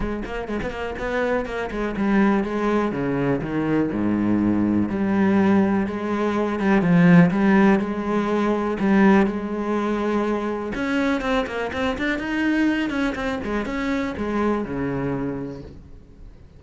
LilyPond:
\new Staff \with { instrumentName = "cello" } { \time 4/4 \tempo 4 = 123 gis8 ais8 gis16 b16 ais8 b4 ais8 gis8 | g4 gis4 cis4 dis4 | gis,2 g2 | gis4. g8 f4 g4 |
gis2 g4 gis4~ | gis2 cis'4 c'8 ais8 | c'8 d'8 dis'4. cis'8 c'8 gis8 | cis'4 gis4 cis2 | }